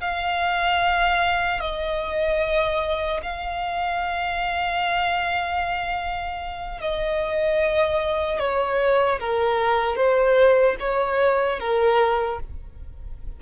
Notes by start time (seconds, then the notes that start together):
0.00 F5
1.60 D#5
3.22 F5
6.80 D#5
8.39 C#5
9.19 A#4
9.96 C5
10.79 C#5
11.59 A#4